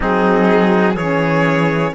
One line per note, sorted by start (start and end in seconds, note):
0.00 0.96 F#3
0.00 0.96 C4
0.00 0.95 D#4
0.00 0.96 G#4
0.96 1.93 E3
0.96 1.94 C#4
0.96 1.93 G#4
0.96 1.93 C#5